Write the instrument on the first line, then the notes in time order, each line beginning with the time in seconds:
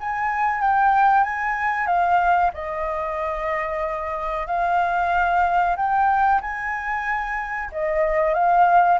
flute
0.00 G#5
0.61 G5
1.24 G#5
1.87 F5
2.53 D#5
4.47 F5
5.76 G5
6.41 G#5
7.72 D#5
8.34 F5